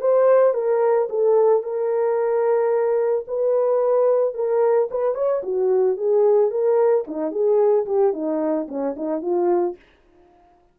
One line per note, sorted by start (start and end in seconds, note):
0.00 0.54 C5
0.54 1.08 A#4
1.09 1.62 A4
1.62 3.25 A#4
3.27 4.34 B4
4.34 4.88 A#4
4.90 5.14 B4
5.14 5.41 C#5
5.43 5.97 F#4
5.97 6.50 G#4
6.50 7.04 A#4
7.07 7.31 D#4
7.31 7.85 G#4
7.86 8.13 G4
8.13 8.67 D#4
8.68 8.95 C#4
8.96 9.21 D#4
9.21 9.75 F4